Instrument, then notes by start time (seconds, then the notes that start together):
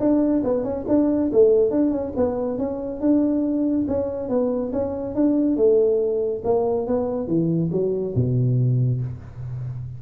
tuba
0.00 D4
0.44 B3
0.64 C#4
0.88 D4
1.33 A3
1.71 D4
1.91 C#4
2.16 B3
2.58 C#4
3.01 D4
3.88 C#4
4.29 B3
4.73 C#4
5.15 D4
5.57 A3
6.45 A#3
6.87 B3
7.28 E3
7.72 F#3
8.15 B2